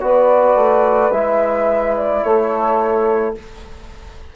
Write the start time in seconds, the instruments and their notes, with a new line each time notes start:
0.00 bassoon B3, trombone F#4, saxophone B4, flute D5
0.55 bassoon A3
1.11 bassoon G#3, trombone E4, flute E5
1.97 flute D5
2.23 bassoon A3, saxophone A4, flute C#5